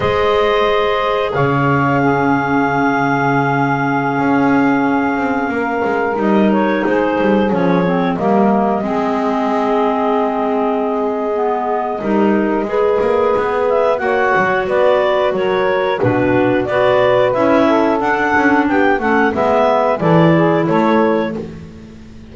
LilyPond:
<<
  \new Staff \with { instrumentName = "clarinet" } { \time 4/4 \tempo 4 = 90 dis''2 f''2~ | f''1~ | f''4~ f''16 dis''8 cis''8 c''4 cis''8.~ | cis''16 dis''2.~ dis''8.~ |
dis''1~ | dis''8 e''8 fis''4 d''4 cis''4 | b'4 d''4 e''4 fis''4 | g''8 fis''8 e''4 d''4 cis''4 | }
  \new Staff \with { instrumentName = "saxophone" } { \time 4/4 c''2 cis''4 gis'4~ | gis'1~ | gis'16 ais'2 gis'4.~ gis'16~ | gis'16 ais'4 gis'2~ gis'8.~ |
gis'2 ais'4 b'4~ | b'4 cis''4 b'4 ais'4 | fis'4 b'4. a'4. | g'8 a'8 b'4 a'8 gis'8 a'4 | }
  \new Staff \with { instrumentName = "clarinet" } { \time 4/4 gis'2. cis'4~ | cis'1~ | cis'4~ cis'16 dis'2 cis'8 c'16~ | c'16 ais4 c'2~ c'8.~ |
c'4 b4 dis'4 gis'4~ | gis'4 fis'2. | d'4 fis'4 e'4 d'4~ | d'8 cis'8 b4 e'2 | }
  \new Staff \with { instrumentName = "double bass" } { \time 4/4 gis2 cis2~ | cis2~ cis16 cis'4. c'16~ | c'16 ais8 gis8 g4 gis8 g8 f8.~ | f16 g4 gis2~ gis8.~ |
gis2 g4 gis8 ais8 | b4 ais8 fis8 b4 fis4 | b,4 b4 cis'4 d'8 cis'8 | b8 a8 gis4 e4 a4 | }
>>